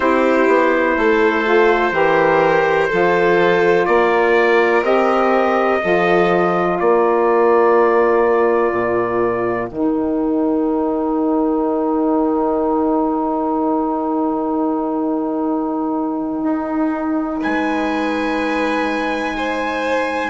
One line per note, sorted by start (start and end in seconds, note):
0.00 0.46 C4
0.00 1.44 E4
0.00 0.95 G4
0.00 3.85 C5
0.48 0.96 B3
0.97 1.91 A3
0.97 1.93 A4
1.44 1.92 F4
1.91 2.88 E3
1.91 2.89 G4
1.91 2.89 A#4
2.89 3.87 F3
2.89 4.82 F4
2.89 3.86 A4
3.85 4.82 A#3
3.85 5.82 A#4
3.85 4.82 D5
4.82 5.79 C4
4.82 5.79 G4
4.82 6.78 D#5
5.81 6.80 F3
5.81 9.68 F4
5.81 6.76 A4
6.76 8.72 A#3
6.76 17.41 A#4
6.76 9.68 D5
8.72 9.68 A#2
9.68 16.43 D#3
9.68 20.29 D#4
9.68 17.42 G5
16.43 17.39 D#4
17.41 20.29 G#3
17.41 19.34 B4
17.41 20.29 G#5
19.37 20.29 C5